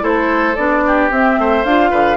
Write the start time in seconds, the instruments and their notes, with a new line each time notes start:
0.00 bassoon A3, clarinet E4, oboe A4, flute C5
0.55 bassoon B3, clarinet D4, flute D5
0.86 oboe G4
1.10 bassoon C4, clarinet C4, flute E5
1.38 bassoon A3, oboe C5
1.64 bassoon D4, clarinet F4, flute F5
1.90 bassoon D3, oboe B4